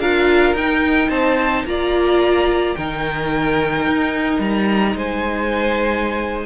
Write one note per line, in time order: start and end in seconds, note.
0.00 0.54 D4
0.00 0.56 F4
0.00 1.09 A#4
0.00 0.55 F5
0.54 1.09 D#4
0.54 1.67 D#4
0.54 1.10 G5
1.09 1.65 C4
1.09 1.64 C5
1.09 1.65 A5
1.65 2.75 A#3
1.65 2.77 F4
1.65 2.77 D5
1.65 2.75 A#5
2.75 3.87 D#3
2.75 6.46 D#4
2.75 4.95 A#4
2.75 4.41 G5
3.87 4.39 D#4
4.39 4.94 G3
4.39 4.97 A#5
4.95 6.46 G#3
4.95 6.46 C5
4.95 6.46 G#5